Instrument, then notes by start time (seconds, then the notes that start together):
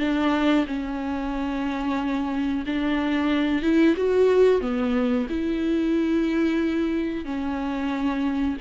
viola
0.00 D4
0.67 C#4
2.67 D4
3.63 E4
3.97 F#4
4.62 B3
5.30 E4
7.26 C#4